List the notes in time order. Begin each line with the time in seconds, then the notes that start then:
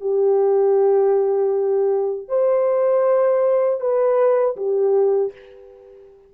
0.00 G4
2.28 C5
3.80 B4
4.56 G4